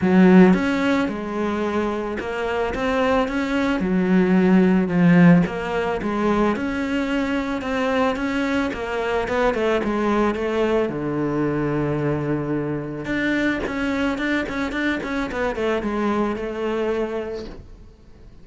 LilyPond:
\new Staff \with { instrumentName = "cello" } { \time 4/4 \tempo 4 = 110 fis4 cis'4 gis2 | ais4 c'4 cis'4 fis4~ | fis4 f4 ais4 gis4 | cis'2 c'4 cis'4 |
ais4 b8 a8 gis4 a4 | d1 | d'4 cis'4 d'8 cis'8 d'8 cis'8 | b8 a8 gis4 a2 | }